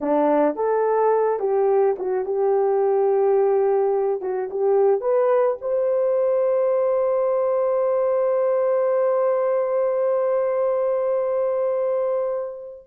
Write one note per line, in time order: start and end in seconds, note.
0.00 0.55 D4
0.55 1.39 A4
1.39 1.95 G4
1.99 2.25 F#4
2.25 4.21 G4
4.21 4.49 F#4
4.50 5.01 G4
5.01 5.57 B4
5.61 12.87 C5